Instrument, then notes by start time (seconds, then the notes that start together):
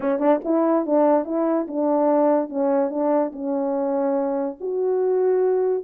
horn
0.00 C#4
0.19 D4
0.44 E4
0.86 D4
1.25 E4
1.67 D4
2.49 C#4
2.90 D4
3.32 C#4
4.60 F#4